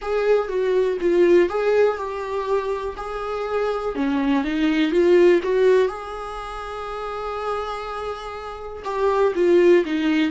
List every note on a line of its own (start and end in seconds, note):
0.01 0.48 G#4
0.48 0.97 F#4
1.01 1.49 F4
1.49 1.97 G#4
1.97 2.95 G4
2.96 3.95 G#4
3.95 4.44 C#4
4.44 4.91 D#4
4.91 5.40 F4
5.42 5.87 F#4
5.87 8.83 G#4
8.84 9.33 G4
9.34 9.84 F4
9.85 10.31 D#4